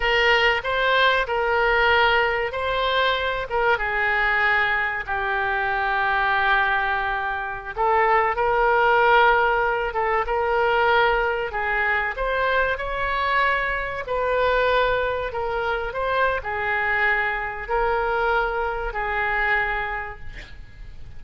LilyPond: \new Staff \with { instrumentName = "oboe" } { \time 4/4 \tempo 4 = 95 ais'4 c''4 ais'2 | c''4. ais'8 gis'2 | g'1~ | g'16 a'4 ais'2~ ais'8 a'16~ |
a'16 ais'2 gis'4 c''8.~ | c''16 cis''2 b'4.~ b'16~ | b'16 ais'4 c''8. gis'2 | ais'2 gis'2 | }